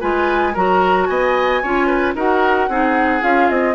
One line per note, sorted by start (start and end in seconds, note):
0.00 0.55 G#3
0.00 0.54 F4
0.00 0.53 B4
0.00 0.55 G#5
0.53 1.09 F#3
0.53 1.62 F#4
0.53 1.07 A#4
0.53 1.06 A#5
1.06 1.62 B3
1.06 1.62 D#5
1.06 2.13 G#5
1.62 2.15 C#4
1.62 2.16 F4
1.62 1.87 C#5
1.87 2.14 B4
2.15 2.68 D#4
2.15 2.69 F#4
2.15 2.69 A#4
2.15 3.23 F#5
2.68 3.22 C4
2.68 3.21 D#4
2.68 3.75 G#4
3.21 3.50 C#4
3.21 3.74 F4
3.21 3.49 F5
3.49 3.75 C4
3.49 3.75 D#5